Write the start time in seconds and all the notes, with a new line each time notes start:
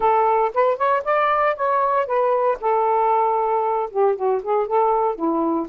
0.00 A4
0.54 B4
0.77 C#5
1.04 D5
1.55 C#5
2.06 B4
2.60 A4
3.90 G4
4.15 F#4
4.42 G#4
4.66 A4
5.15 E4